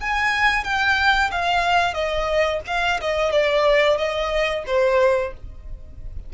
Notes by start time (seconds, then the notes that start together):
0.00 G#5
0.64 G5
1.31 F5
1.94 D#5
2.67 F5
3.01 D#5
3.32 D5
3.97 D#5
4.66 C5